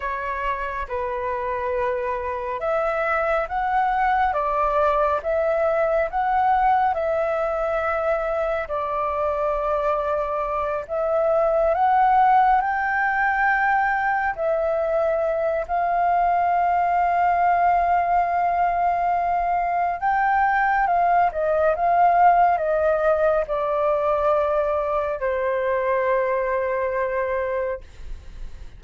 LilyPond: \new Staff \with { instrumentName = "flute" } { \time 4/4 \tempo 4 = 69 cis''4 b'2 e''4 | fis''4 d''4 e''4 fis''4 | e''2 d''2~ | d''8 e''4 fis''4 g''4.~ |
g''8 e''4. f''2~ | f''2. g''4 | f''8 dis''8 f''4 dis''4 d''4~ | d''4 c''2. | }